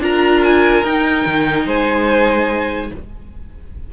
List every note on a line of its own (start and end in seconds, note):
0.00 0.83 D4
0.00 0.84 F4
0.00 1.67 A#4
0.00 0.44 A#5
0.44 0.85 G#5
0.84 1.25 D#4
0.84 2.93 D#4
0.84 1.68 G5
1.26 1.67 D#3
1.67 2.91 G#3
1.67 2.91 C5
1.67 2.93 G#5